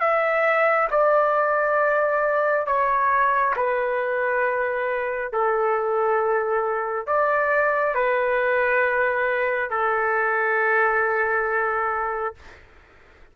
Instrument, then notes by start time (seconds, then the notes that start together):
trumpet
0.00 E5
0.90 D5
2.66 C#5
3.56 B4
5.32 A4
7.06 D5
7.94 B4
9.69 A4